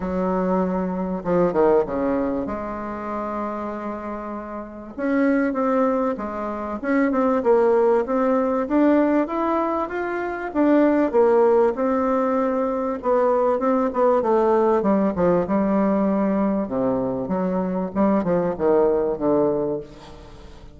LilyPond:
\new Staff \with { instrumentName = "bassoon" } { \time 4/4 \tempo 4 = 97 fis2 f8 dis8 cis4 | gis1 | cis'4 c'4 gis4 cis'8 c'8 | ais4 c'4 d'4 e'4 |
f'4 d'4 ais4 c'4~ | c'4 b4 c'8 b8 a4 | g8 f8 g2 c4 | fis4 g8 f8 dis4 d4 | }